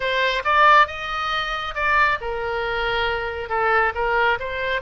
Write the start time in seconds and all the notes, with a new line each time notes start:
0.00 C5
0.44 D5
0.87 D#5
1.74 D5
2.20 A#4
3.49 A4
3.94 A#4
4.39 C5